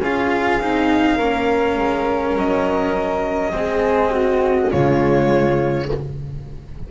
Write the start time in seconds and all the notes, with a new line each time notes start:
0.00 C#4 F4 G#4 F5
0.60 C4 D#4
1.16 A#3 C#4 A#4
1.77 G#3
2.36 F#3 D#5
3.52 G#3 C4 G#4
4.11 F#4
4.71 C#3 G#3 F4 C#5